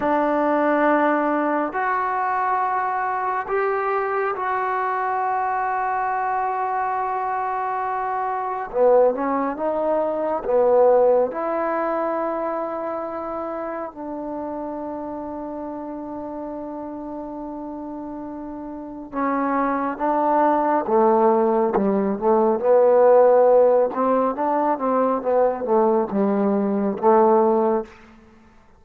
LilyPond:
\new Staff \with { instrumentName = "trombone" } { \time 4/4 \tempo 4 = 69 d'2 fis'2 | g'4 fis'2.~ | fis'2 b8 cis'8 dis'4 | b4 e'2. |
d'1~ | d'2 cis'4 d'4 | a4 g8 a8 b4. c'8 | d'8 c'8 b8 a8 g4 a4 | }